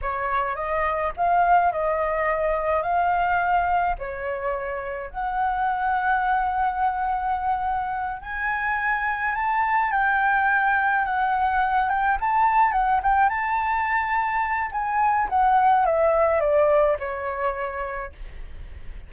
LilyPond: \new Staff \with { instrumentName = "flute" } { \time 4/4 \tempo 4 = 106 cis''4 dis''4 f''4 dis''4~ | dis''4 f''2 cis''4~ | cis''4 fis''2.~ | fis''2~ fis''8 gis''4.~ |
gis''8 a''4 g''2 fis''8~ | fis''4 g''8 a''4 fis''8 g''8 a''8~ | a''2 gis''4 fis''4 | e''4 d''4 cis''2 | }